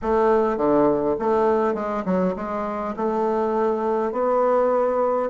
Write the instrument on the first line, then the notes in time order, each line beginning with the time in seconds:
bassoon
0.02 A3
0.57 D3
1.19 A3
1.74 G#3
2.05 F#3
2.36 G#3
2.96 A3
4.12 B3